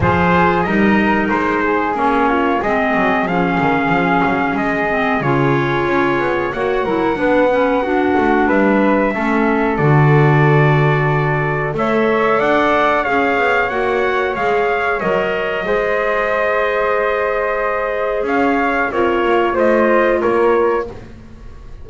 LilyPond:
<<
  \new Staff \with { instrumentName = "trumpet" } { \time 4/4 \tempo 4 = 92 c''4 dis''4 c''4 cis''4 | dis''4 f''2 dis''4 | cis''2 fis''2~ | fis''4 e''2 d''4~ |
d''2 e''4 fis''4 | f''4 fis''4 f''4 dis''4~ | dis''1 | f''4 cis''4 dis''4 cis''4 | }
  \new Staff \with { instrumentName = "flute" } { \time 4/4 gis'4 ais'4. gis'4 f'8 | gis'1~ | gis'2 cis''8 ais'8 b'4 | fis'4 b'4 a'2~ |
a'2 cis''4 d''4 | cis''1 | c''1 | cis''4 f'4 c''4 ais'4 | }
  \new Staff \with { instrumentName = "clarinet" } { \time 4/4 f'4 dis'2 cis'4 | c'4 cis'2~ cis'8 c'8 | f'2 fis'8 e'8 d'8 cis'8 | d'2 cis'4 fis'4~ |
fis'2 a'2 | gis'4 fis'4 gis'4 ais'4 | gis'1~ | gis'4 ais'4 f'2 | }
  \new Staff \with { instrumentName = "double bass" } { \time 4/4 f4 g4 gis4 ais4 | gis8 fis8 f8 dis8 f8 fis8 gis4 | cis4 cis'8 b8 ais8 fis8 b4~ | b8 a8 g4 a4 d4~ |
d2 a4 d'4 | cis'8 b8 ais4 gis4 fis4 | gis1 | cis'4 c'8 ais8 a4 ais4 | }
>>